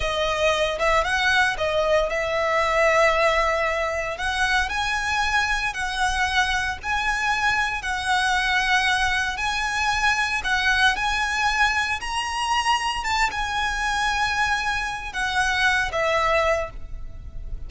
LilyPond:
\new Staff \with { instrumentName = "violin" } { \time 4/4 \tempo 4 = 115 dis''4. e''8 fis''4 dis''4 | e''1 | fis''4 gis''2 fis''4~ | fis''4 gis''2 fis''4~ |
fis''2 gis''2 | fis''4 gis''2 ais''4~ | ais''4 a''8 gis''2~ gis''8~ | gis''4 fis''4. e''4. | }